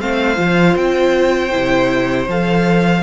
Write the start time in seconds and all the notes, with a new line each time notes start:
0.00 A3 C4 C5 F5
0.36 F3 F4
0.76 C4 G5
1.51 C3 E4
2.27 F3 A4 F5